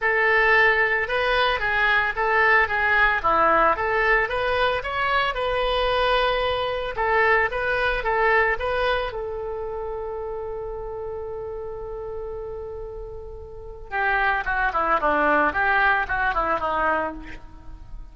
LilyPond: \new Staff \with { instrumentName = "oboe" } { \time 4/4 \tempo 4 = 112 a'2 b'4 gis'4 | a'4 gis'4 e'4 a'4 | b'4 cis''4 b'2~ | b'4 a'4 b'4 a'4 |
b'4 a'2.~ | a'1~ | a'2 g'4 fis'8 e'8 | d'4 g'4 fis'8 e'8 dis'4 | }